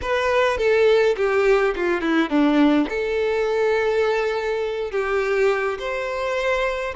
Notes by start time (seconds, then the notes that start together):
0.01 B4
0.57 A4
1.16 G4
1.75 F4
2.01 E4
2.29 D4
2.89 A4
4.91 G4
5.79 C5